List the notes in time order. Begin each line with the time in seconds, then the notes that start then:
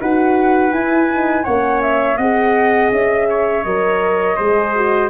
0.00 D#4 F#4 B4 F#5
0.72 E4 G#5
1.10 D#4
1.44 A#3 C#4 C#5 F#5
1.82 E5
2.18 C4 G#4 D#5 F#5
2.92 C#4 E5
3.30 C#5
3.64 F#3 A#4 D#5
4.37 G#3 G#4 C5
4.75 F#4